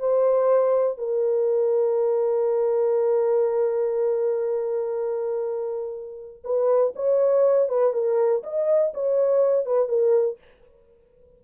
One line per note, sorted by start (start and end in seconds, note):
0.00 0.98 C5
0.98 6.44 A#4
6.44 6.94 B4
6.96 7.69 C#5
7.69 7.94 B4
7.94 8.43 A#4
8.43 8.93 D#5
8.94 9.66 C#5
9.66 9.89 B4
9.89 10.38 A#4